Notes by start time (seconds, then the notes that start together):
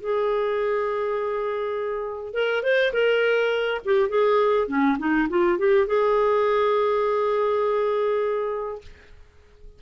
0.00 G#4
2.34 A#4
2.63 C5
2.93 A#4
3.85 G4
4.09 G#4
4.68 C#4
4.99 D#4
5.29 F4
5.58 G4
5.87 G#4